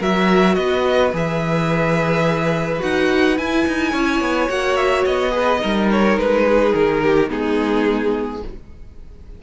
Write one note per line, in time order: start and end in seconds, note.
0.00 0.57 F#3
0.00 1.12 F#4
0.00 0.56 A#4
0.00 0.55 E5
0.55 1.13 B3
0.55 3.92 B4
0.55 1.11 D#5
1.13 2.82 E3
1.13 2.79 G#4
1.13 2.82 E5
2.79 3.39 D#4
2.79 3.35 F#4
2.79 3.38 F#5
3.38 4.50 E4
3.38 3.67 E4
3.38 4.50 G#5
3.67 3.93 D#4
3.92 4.21 C#4
3.92 5.32 C#5
4.21 4.49 B3
4.50 5.06 A#3
4.50 5.32 F#4
4.50 4.76 F#5
4.76 5.04 E5
5.06 5.63 B3
5.06 5.90 D#5
5.32 5.60 G#4
5.32 5.61 B4
5.60 6.18 G3
5.60 7.28 D#4
5.60 6.46 A#4
5.92 6.19 C#5
6.18 6.74 G#3
6.18 6.74 B4
6.49 7.03 G#4
6.74 7.31 D#3
6.74 7.30 A#4
7.03 7.30 G4
7.28 8.43 G#3
7.28 8.41 B3
7.28 8.42 D#4
7.28 8.43 G#4